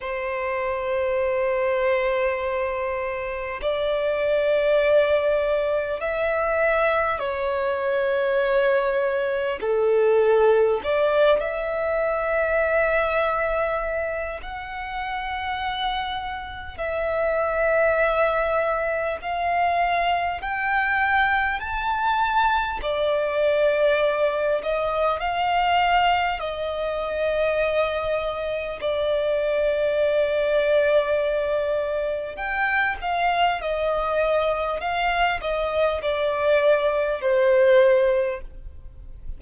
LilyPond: \new Staff \with { instrumentName = "violin" } { \time 4/4 \tempo 4 = 50 c''2. d''4~ | d''4 e''4 cis''2 | a'4 d''8 e''2~ e''8 | fis''2 e''2 |
f''4 g''4 a''4 d''4~ | d''8 dis''8 f''4 dis''2 | d''2. g''8 f''8 | dis''4 f''8 dis''8 d''4 c''4 | }